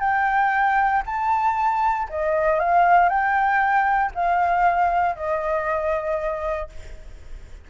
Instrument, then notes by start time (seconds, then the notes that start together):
flute
0.00 G5
1.06 A5
2.10 D#5
2.59 F5
3.09 G5
4.15 F5
5.16 D#5